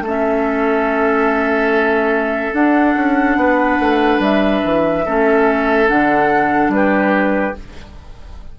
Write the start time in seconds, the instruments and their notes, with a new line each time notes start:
0.00 bassoon A3, oboe A4
0.06 clarinet C#4, flute E5
2.53 bassoon D4, clarinet D4, flute F#5
2.95 bassoon C#4
3.36 bassoon B3, oboe B4
3.79 bassoon A3
4.19 bassoon G3, flute E5
4.64 bassoon E3
5.05 bassoon A3, clarinet C#4, oboe A4
5.87 bassoon D3, clarinet D4, flute F#5
6.68 bassoon G3, flute B4
6.75 oboe G4